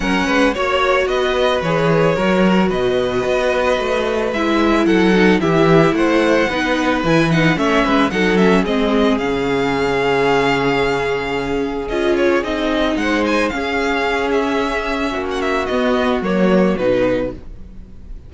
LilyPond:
<<
  \new Staff \with { instrumentName = "violin" } { \time 4/4 \tempo 4 = 111 fis''4 cis''4 dis''4 cis''4~ | cis''4 dis''2. | e''4 fis''4 e''4 fis''4~ | fis''4 gis''8 fis''8 e''4 fis''8 e''8 |
dis''4 f''2.~ | f''2 dis''8 cis''8 dis''4 | fis''8 gis''8 f''4. e''4.~ | e''16 fis''16 e''8 dis''4 cis''4 b'4 | }
  \new Staff \with { instrumentName = "violin" } { \time 4/4 ais'8 b'8 cis''4 b'2 | ais'4 b'2.~ | b'4 a'4 g'4 c''4 | b'2 cis''8 b'8 a'4 |
gis'1~ | gis'1 | c''4 gis'2. | fis'1 | }
  \new Staff \with { instrumentName = "viola" } { \time 4/4 cis'4 fis'2 gis'4 | fis'1 | e'4. dis'8 e'2 | dis'4 e'8 dis'8 cis'4 dis'8 cis'8 |
c'4 cis'2.~ | cis'2 f'4 dis'4~ | dis'4 cis'2.~ | cis'4 b4 ais4 dis'4 | }
  \new Staff \with { instrumentName = "cello" } { \time 4/4 fis8 gis8 ais4 b4 e4 | fis4 b,4 b4 a4 | gis4 fis4 e4 a4 | b4 e4 a8 gis8 fis4 |
gis4 cis2.~ | cis2 cis'4 c'4 | gis4 cis'2. | ais4 b4 fis4 b,4 | }
>>